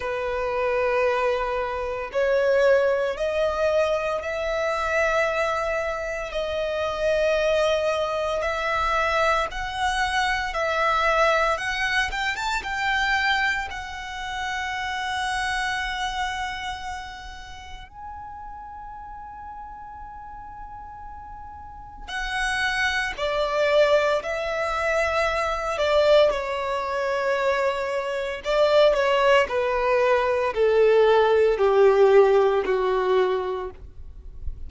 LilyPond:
\new Staff \with { instrumentName = "violin" } { \time 4/4 \tempo 4 = 57 b'2 cis''4 dis''4 | e''2 dis''2 | e''4 fis''4 e''4 fis''8 g''16 a''16 | g''4 fis''2.~ |
fis''4 gis''2.~ | gis''4 fis''4 d''4 e''4~ | e''8 d''8 cis''2 d''8 cis''8 | b'4 a'4 g'4 fis'4 | }